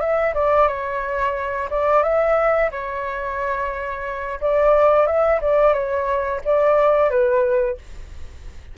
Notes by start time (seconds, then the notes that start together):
0.00 E5
0.34 D5
0.68 C#5
1.70 D5
2.03 E5
2.71 C#5
4.40 D5
5.07 E5
5.41 D5
5.73 C#5
6.44 D5
7.10 B4